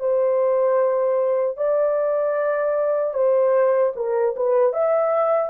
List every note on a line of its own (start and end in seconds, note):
0.00 1.57 C5
1.57 3.14 D5
3.14 3.93 C5
3.96 4.36 A#4
4.36 4.74 B4
4.74 5.50 E5